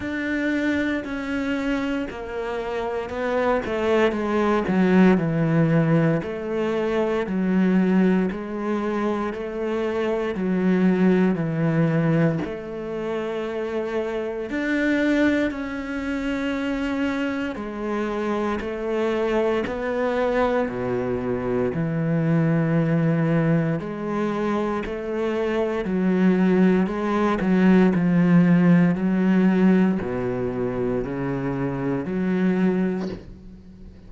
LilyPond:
\new Staff \with { instrumentName = "cello" } { \time 4/4 \tempo 4 = 58 d'4 cis'4 ais4 b8 a8 | gis8 fis8 e4 a4 fis4 | gis4 a4 fis4 e4 | a2 d'4 cis'4~ |
cis'4 gis4 a4 b4 | b,4 e2 gis4 | a4 fis4 gis8 fis8 f4 | fis4 b,4 cis4 fis4 | }